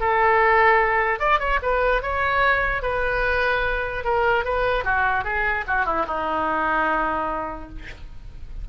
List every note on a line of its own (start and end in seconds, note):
0.00 1.20 A4
1.20 1.39 D5
1.39 1.60 C#5
1.63 2.02 B4
2.02 2.82 C#5
2.82 4.04 B4
4.04 4.45 A#4
4.45 4.84 B4
4.84 5.24 F#4
5.24 5.65 G#4
5.67 5.86 F#4
5.86 6.06 E4
6.07 7.69 D#4